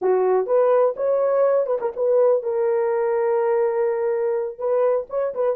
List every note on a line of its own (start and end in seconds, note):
0.01 0.46 F#4
0.46 0.95 B4
0.96 1.66 C#5
1.66 1.78 B4
1.80 1.92 A#4
1.96 2.42 B4
2.42 4.58 A#4
4.58 5.06 B4
5.09 5.34 C#5
5.34 5.56 B4